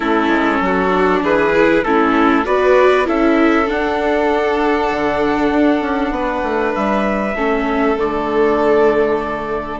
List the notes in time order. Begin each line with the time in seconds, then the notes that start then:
0.00 A3 C#4 E4 A4
0.28 G#3
0.60 F#3 F#4
0.89 D4
1.22 E3 G#4 B4
1.54 E4
1.84 A3 C#4 E4 A4
2.44 B3 F#4 B4 D5
3.05 C#4 E4 A4 E5
3.66 D4 F#5
4.91 D3
5.51 D4
5.80 C#4
6.10 B3 B4
6.43 A3
6.75 G3 E5
7.35 A3 C#4 A4
7.97 D3 A3 D5